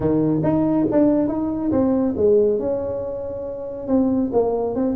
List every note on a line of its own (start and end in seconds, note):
0.00 0.41 D#3
0.43 0.86 D#4
0.91 1.28 D4
1.28 1.71 D#4
1.71 2.14 C4
2.17 2.59 G#3
2.59 3.87 C#4
3.87 4.30 C4
4.32 4.75 A#3
4.75 4.96 C4